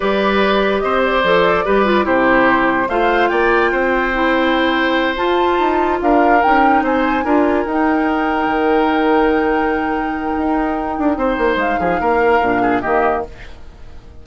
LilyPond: <<
  \new Staff \with { instrumentName = "flute" } { \time 4/4 \tempo 4 = 145 d''2 dis''8 d''4.~ | d''4 c''2 f''4 | g''1~ | g''8 a''2 f''4 g''8~ |
g''8 gis''2 g''4.~ | g''1~ | g''1 | f''2. dis''4 | }
  \new Staff \with { instrumentName = "oboe" } { \time 4/4 b'2 c''2 | b'4 g'2 c''4 | d''4 c''2.~ | c''2~ c''8 ais'4.~ |
ais'8 c''4 ais'2~ ais'8~ | ais'1~ | ais'2. c''4~ | c''8 gis'8 ais'4. gis'8 g'4 | }
  \new Staff \with { instrumentName = "clarinet" } { \time 4/4 g'2. a'4 | g'8 f'8 e'2 f'4~ | f'2 e'2~ | e'8 f'2. dis'8~ |
dis'4. f'4 dis'4.~ | dis'1~ | dis'1~ | dis'2 d'4 ais4 | }
  \new Staff \with { instrumentName = "bassoon" } { \time 4/4 g2 c'4 f4 | g4 c2 a4 | ais4 c'2.~ | c'8 f'4 dis'4 d'4 cis'8~ |
cis'8 c'4 d'4 dis'4.~ | dis'8 dis2.~ dis8~ | dis4 dis'4. d'8 c'8 ais8 | gis8 f8 ais4 ais,4 dis4 | }
>>